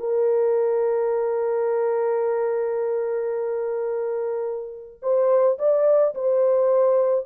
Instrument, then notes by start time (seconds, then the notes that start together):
horn
0.00 A#4
5.03 C5
5.59 D5
6.15 C5